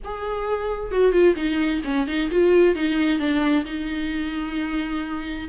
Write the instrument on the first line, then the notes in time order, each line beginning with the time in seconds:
viola
0.04 G#4
0.91 F#4
1.12 F4
1.36 D#4
1.84 C#4
2.07 D#4
2.30 F4
2.75 D#4
3.19 D4
3.65 D#4